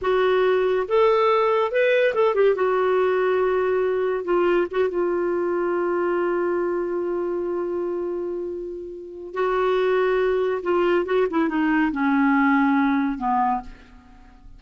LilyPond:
\new Staff \with { instrumentName = "clarinet" } { \time 4/4 \tempo 4 = 141 fis'2 a'2 | b'4 a'8 g'8 fis'2~ | fis'2 f'4 fis'8 f'8~ | f'1~ |
f'1~ | f'2 fis'2~ | fis'4 f'4 fis'8 e'8 dis'4 | cis'2. b4 | }